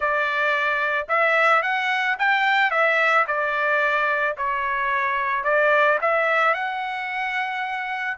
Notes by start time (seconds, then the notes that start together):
0.00 D5
1.08 E5
1.62 F#5
2.18 G5
2.70 E5
3.27 D5
4.37 C#5
5.43 D5
6.01 E5
6.54 F#5